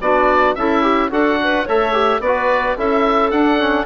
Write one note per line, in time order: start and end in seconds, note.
0.00 0.55 B3
0.00 0.57 D4
0.00 0.56 F#4
0.00 0.55 D5
0.55 1.10 C#4
0.55 1.10 E4
0.55 0.82 A4
0.55 1.10 E5
0.82 1.10 G4
1.10 1.65 D4
1.10 1.65 F#4
1.10 1.37 A4
1.10 1.68 F#5
1.43 1.65 B4
1.65 2.20 A3
1.65 1.92 A4
1.65 2.20 C#5
1.65 2.21 E5
1.92 2.20 G4
2.20 2.75 B3
2.20 2.77 B4
2.20 2.76 D5
2.26 2.77 F#4
2.77 3.32 C#4
2.77 3.31 E4
2.77 3.86 A4
2.77 3.30 E5
3.30 3.58 D4
3.30 3.86 D4
3.30 3.85 F#5
3.58 3.86 C#4